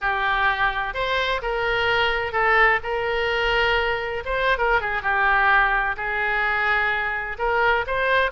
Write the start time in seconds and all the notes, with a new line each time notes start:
0.01 G4
0.94 C5
1.41 A#4
2.32 A4
2.83 A#4
4.25 C5
4.57 A#4
4.80 G#4
5.02 G4
5.96 G#4
7.38 A#4
7.86 C5